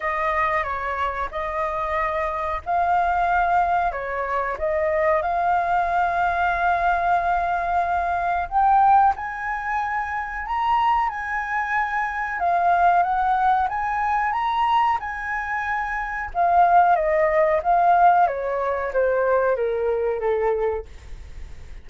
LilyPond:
\new Staff \with { instrumentName = "flute" } { \time 4/4 \tempo 4 = 92 dis''4 cis''4 dis''2 | f''2 cis''4 dis''4 | f''1~ | f''4 g''4 gis''2 |
ais''4 gis''2 f''4 | fis''4 gis''4 ais''4 gis''4~ | gis''4 f''4 dis''4 f''4 | cis''4 c''4 ais'4 a'4 | }